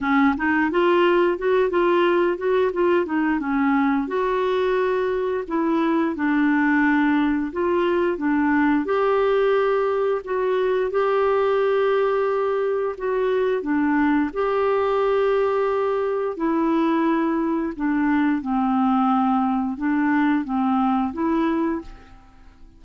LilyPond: \new Staff \with { instrumentName = "clarinet" } { \time 4/4 \tempo 4 = 88 cis'8 dis'8 f'4 fis'8 f'4 fis'8 | f'8 dis'8 cis'4 fis'2 | e'4 d'2 f'4 | d'4 g'2 fis'4 |
g'2. fis'4 | d'4 g'2. | e'2 d'4 c'4~ | c'4 d'4 c'4 e'4 | }